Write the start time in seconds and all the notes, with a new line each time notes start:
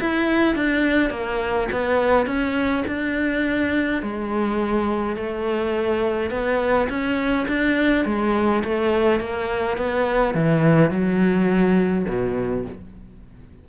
0.00 E4
0.55 D4
1.10 A#3
1.72 B3
2.26 C#4
2.87 D4
4.02 G#3
5.16 A3
6.30 B3
6.89 C#4
7.48 D4
8.05 G#3
8.64 A3
9.20 A#3
9.77 B3
10.34 E3
10.90 F#3
12.08 B2